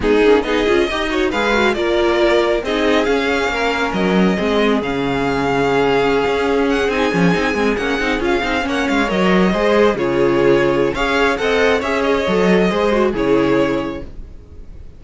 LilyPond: <<
  \new Staff \with { instrumentName = "violin" } { \time 4/4 \tempo 4 = 137 gis'4 dis''2 f''4 | d''2 dis''4 f''4~ | f''4 dis''2 f''4~ | f''2.~ f''16 fis''8 gis''16~ |
gis''4.~ gis''16 fis''4 f''4 fis''16~ | fis''16 f''8 dis''2 cis''4~ cis''16~ | cis''4 f''4 fis''4 e''8 dis''8~ | dis''2 cis''2 | }
  \new Staff \with { instrumentName = "violin" } { \time 4/4 dis'4 gis'4 dis''8 cis''8 b'4 | ais'2 gis'2 | ais'2 gis'2~ | gis'1~ |
gis'2.~ gis'8. cis''16~ | cis''4.~ cis''16 c''4 gis'4~ gis'16~ | gis'4 cis''4 dis''4 cis''4~ | cis''4 c''4 gis'2 | }
  \new Staff \with { instrumentName = "viola" } { \time 4/4 b8 cis'8 dis'8 f'8 g'8 fis'8 gis'8 fis'8 | f'2 dis'4 cis'4~ | cis'2 c'4 cis'4~ | cis'2.~ cis'8. dis'16~ |
dis'16 cis'8 dis'8 c'8 cis'8 dis'8 f'8 dis'8 cis'16~ | cis'8. ais'4 gis'4 f'4~ f'16~ | f'4 gis'4 a'4 gis'4 | a'4 gis'8 fis'8 e'2 | }
  \new Staff \with { instrumentName = "cello" } { \time 4/4 gis8 ais8 b8 cis'8 dis'4 gis4 | ais2 c'4 cis'4 | ais4 fis4 gis4 cis4~ | cis2~ cis16 cis'4. c'16~ |
c'16 f8 c'8 gis8 ais8 c'8 cis'8 c'8 ais16~ | ais16 gis8 fis4 gis4 cis4~ cis16~ | cis4 cis'4 c'4 cis'4 | fis4 gis4 cis2 | }
>>